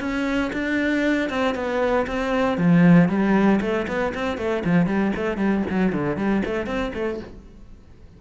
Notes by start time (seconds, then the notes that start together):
0.00 C#4
0.53 D4
1.30 C4
1.55 B3
2.07 C4
2.58 F3
3.09 G3
3.61 A3
3.88 B3
4.14 C4
4.38 A3
4.65 F3
4.86 G3
5.16 A3
5.37 G3
5.69 F#3
5.92 D3
6.17 G3
6.45 A3
6.66 C4
6.94 A3